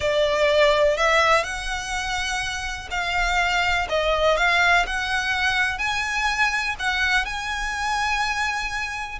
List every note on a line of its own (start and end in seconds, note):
0.00 0.97 D5
0.97 1.43 E5
1.43 2.88 F#5
2.90 3.87 F5
3.89 4.37 D#5
4.37 4.85 F5
4.86 5.78 F#5
5.78 6.75 G#5
6.79 7.25 F#5
7.25 9.18 G#5